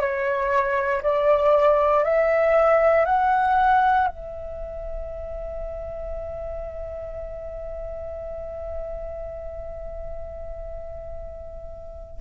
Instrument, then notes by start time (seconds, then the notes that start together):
flute
0.00 C#5
1.02 D5
2.03 E5
3.05 F#5
4.07 E5